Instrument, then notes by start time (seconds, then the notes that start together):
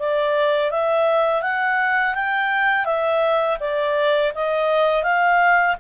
clarinet
0.00 D5
0.71 E5
1.43 F#5
2.15 G5
2.86 E5
3.60 D5
4.35 D#5
5.04 F5